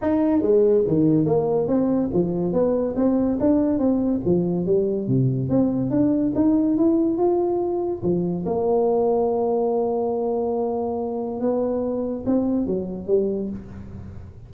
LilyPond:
\new Staff \with { instrumentName = "tuba" } { \time 4/4 \tempo 4 = 142 dis'4 gis4 dis4 ais4 | c'4 f4 b4 c'4 | d'4 c'4 f4 g4 | c4 c'4 d'4 dis'4 |
e'4 f'2 f4 | ais1~ | ais2. b4~ | b4 c'4 fis4 g4 | }